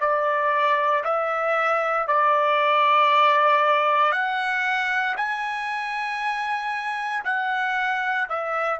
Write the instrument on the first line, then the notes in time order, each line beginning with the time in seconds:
trumpet
0.00 D5
1.04 E5
2.07 D5
4.12 F#5
5.17 G#5
7.24 F#5
8.29 E5